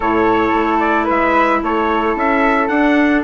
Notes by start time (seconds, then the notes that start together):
0.00 A2 E4 A4 C#5
0.54 A3
0.79 D5
1.04 G#3 B4 E5
1.62 A3 A4 C#5
2.15 C#4 E5
2.68 D4 F#5